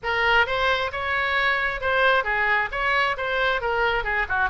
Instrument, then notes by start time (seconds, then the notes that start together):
oboe
0.03 A#4
0.46 C5
0.92 C#5
1.80 C5
2.24 G#4
2.71 C#5
3.17 C5
3.61 A#4
4.04 G#4
4.29 F#4